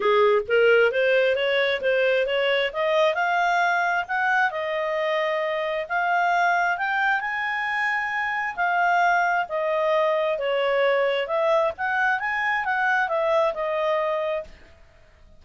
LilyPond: \new Staff \with { instrumentName = "clarinet" } { \time 4/4 \tempo 4 = 133 gis'4 ais'4 c''4 cis''4 | c''4 cis''4 dis''4 f''4~ | f''4 fis''4 dis''2~ | dis''4 f''2 g''4 |
gis''2. f''4~ | f''4 dis''2 cis''4~ | cis''4 e''4 fis''4 gis''4 | fis''4 e''4 dis''2 | }